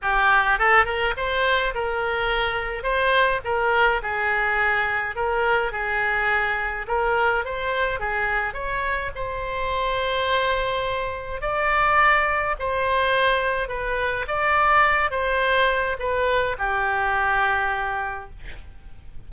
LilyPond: \new Staff \with { instrumentName = "oboe" } { \time 4/4 \tempo 4 = 105 g'4 a'8 ais'8 c''4 ais'4~ | ais'4 c''4 ais'4 gis'4~ | gis'4 ais'4 gis'2 | ais'4 c''4 gis'4 cis''4 |
c''1 | d''2 c''2 | b'4 d''4. c''4. | b'4 g'2. | }